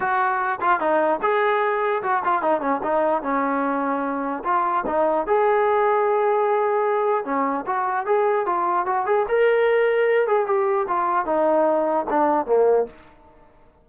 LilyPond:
\new Staff \with { instrumentName = "trombone" } { \time 4/4 \tempo 4 = 149 fis'4. f'8 dis'4 gis'4~ | gis'4 fis'8 f'8 dis'8 cis'8 dis'4 | cis'2. f'4 | dis'4 gis'2.~ |
gis'2 cis'4 fis'4 | gis'4 f'4 fis'8 gis'8 ais'4~ | ais'4. gis'8 g'4 f'4 | dis'2 d'4 ais4 | }